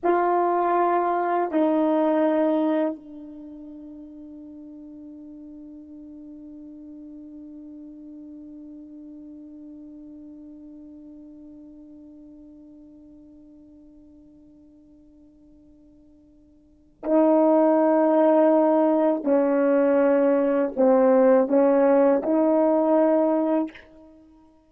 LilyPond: \new Staff \with { instrumentName = "horn" } { \time 4/4 \tempo 4 = 81 f'2 dis'2 | d'1~ | d'1~ | d'1~ |
d'1~ | d'2. dis'4~ | dis'2 cis'2 | c'4 cis'4 dis'2 | }